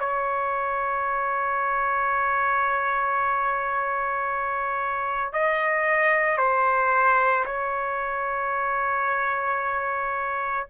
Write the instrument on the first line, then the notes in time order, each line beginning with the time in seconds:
trumpet
0.00 C#5
5.33 D#5
6.37 C5
7.46 C#5